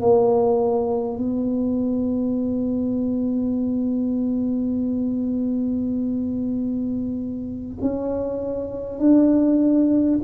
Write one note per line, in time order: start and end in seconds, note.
0.00 1.17 A#3
1.17 7.77 B3
7.81 8.99 C#4
8.99 10.19 D4